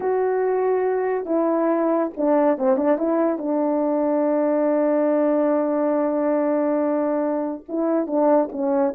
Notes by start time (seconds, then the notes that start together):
0.00 F#4
1.25 E4
2.16 D4
2.58 C4
2.76 D4
2.98 E4
3.38 D4
7.68 E4
8.06 D4
8.51 C#4